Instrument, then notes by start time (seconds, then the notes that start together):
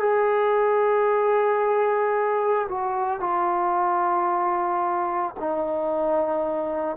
trombone
0.00 G#4
2.69 F#4
3.20 F4
5.40 D#4